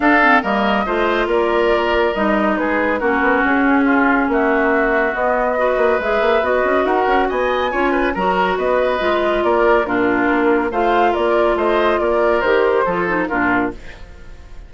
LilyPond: <<
  \new Staff \with { instrumentName = "flute" } { \time 4/4 \tempo 4 = 140 f''4 dis''2 d''4~ | d''4 dis''4 b'4 ais'4 | gis'2 e''2 | dis''2 e''4 dis''4 |
fis''4 gis''2 ais''4 | dis''2 d''4 ais'4~ | ais'4 f''4 d''4 dis''4 | d''4 c''2 ais'4 | }
  \new Staff \with { instrumentName = "oboe" } { \time 4/4 a'4 ais'4 c''4 ais'4~ | ais'2 gis'4 fis'4~ | fis'4 f'4 fis'2~ | fis'4 b'2. |
ais'4 dis''4 cis''8 b'8 ais'4 | b'2 ais'4 f'4~ | f'4 c''4 ais'4 c''4 | ais'2 a'4 f'4 | }
  \new Staff \with { instrumentName = "clarinet" } { \time 4/4 d'8 c'8 ais4 f'2~ | f'4 dis'2 cis'4~ | cis'1 | b4 fis'4 gis'4 fis'4~ |
fis'2 f'4 fis'4~ | fis'4 f'2 d'4~ | d'4 f'2.~ | f'4 g'4 f'8 dis'8 d'4 | }
  \new Staff \with { instrumentName = "bassoon" } { \time 4/4 d'4 g4 a4 ais4~ | ais4 g4 gis4 ais8 b8 | cis'2 ais2 | b4. ais8 gis8 ais8 b8 cis'8 |
dis'8 cis'8 b4 cis'4 fis4 | b4 gis4 ais4 ais,4 | ais4 a4 ais4 a4 | ais4 dis4 f4 ais,4 | }
>>